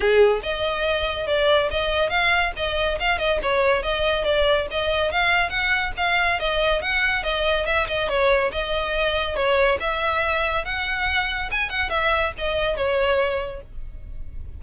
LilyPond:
\new Staff \with { instrumentName = "violin" } { \time 4/4 \tempo 4 = 141 gis'4 dis''2 d''4 | dis''4 f''4 dis''4 f''8 dis''8 | cis''4 dis''4 d''4 dis''4 | f''4 fis''4 f''4 dis''4 |
fis''4 dis''4 e''8 dis''8 cis''4 | dis''2 cis''4 e''4~ | e''4 fis''2 gis''8 fis''8 | e''4 dis''4 cis''2 | }